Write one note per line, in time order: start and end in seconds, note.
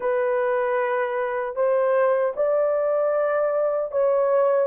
0.00 1.55 B4
1.55 2.33 C5
2.36 3.91 D5
3.91 4.66 C#5